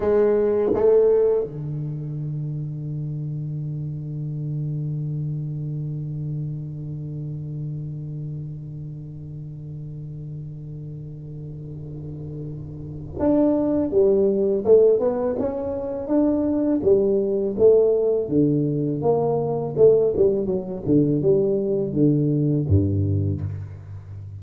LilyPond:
\new Staff \with { instrumentName = "tuba" } { \time 4/4 \tempo 4 = 82 gis4 a4 d2~ | d1~ | d1~ | d1~ |
d2 d'4 g4 | a8 b8 cis'4 d'4 g4 | a4 d4 ais4 a8 g8 | fis8 d8 g4 d4 g,4 | }